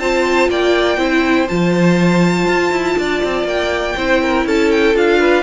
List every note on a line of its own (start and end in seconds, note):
0.00 0.49 C4
0.00 0.98 F4
0.00 0.50 C5
0.00 0.50 A5
0.49 0.98 A#3
0.49 0.99 D5
0.49 1.48 G5
0.98 1.47 C4
0.98 1.48 E4
0.98 2.97 C5
1.48 2.47 F3
1.48 3.96 F4
1.48 3.47 A5
2.47 2.72 F4
2.72 2.97 E4
2.98 3.23 D4
2.98 3.97 D5
3.24 3.44 C4
3.44 3.94 A#3
3.44 4.47 G5
3.97 4.46 C4
3.97 4.95 E4
3.97 4.21 C5
4.22 4.47 A#4
4.46 4.95 C#4
4.46 5.20 A4
4.46 4.72 A5
4.72 4.96 G5
4.95 5.43 D4
4.95 5.43 F4
4.95 5.43 F5
5.20 5.43 B4